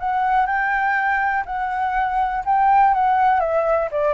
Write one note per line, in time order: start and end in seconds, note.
0.00 0.47 F#5
0.47 1.45 G5
1.46 2.44 F#5
2.45 2.94 G5
2.94 3.41 F#5
3.41 3.90 E5
3.92 4.14 D5